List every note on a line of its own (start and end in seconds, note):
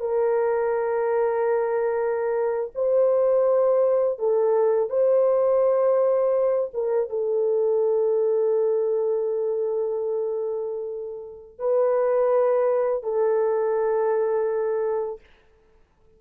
0.00 2.71 A#4
2.75 4.19 C5
4.19 4.90 A4
4.90 6.71 C5
6.74 7.10 A#4
7.10 11.59 A4
11.59 13.03 B4
13.03 15.20 A4